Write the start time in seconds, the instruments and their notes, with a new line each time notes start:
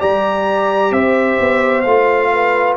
0.00 tuba G3, trombone G4, horn D5, trumpet A#5
0.91 tuba C4, horn C5, trumpet E5
1.40 tuba B3
1.82 tuba A3, trombone F4, trumpet F5
2.32 horn B4